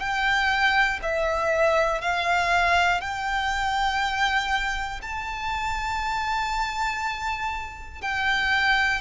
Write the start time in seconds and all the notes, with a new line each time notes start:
0.00 G5
1.03 E5
2.01 F5
3.00 G5
5.02 A5
8.02 G5